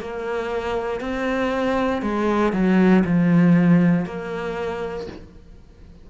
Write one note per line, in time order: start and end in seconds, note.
0.00 1.00 A#3
1.00 2.02 C4
2.02 2.52 G#3
2.52 3.03 F#3
3.05 4.05 F3
4.05 5.07 A#3